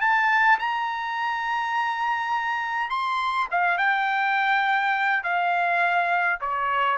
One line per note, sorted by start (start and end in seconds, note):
0.00 0.58 A5
0.59 2.89 A#5
2.89 3.48 C6
3.51 3.77 F5
3.77 5.23 G5
5.23 6.39 F5
6.40 6.97 C#5